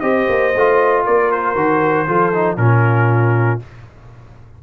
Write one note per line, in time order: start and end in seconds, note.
0.00 0.27 C4
0.00 0.53 G4
0.00 1.04 C5
0.00 1.03 D#5
0.29 0.54 A#3
0.55 1.06 A3
0.55 1.56 F4
1.04 1.55 A#3
1.04 2.06 A#4
1.04 1.32 D5
1.32 2.57 C5
1.55 2.06 D#3
1.55 2.07 F#4
2.06 2.57 F3
2.06 2.33 F4
2.06 2.58 A4
2.33 2.57 D#4
2.57 3.60 A#2
2.57 3.60 C#4
2.57 3.63 F4
2.57 3.60 A#4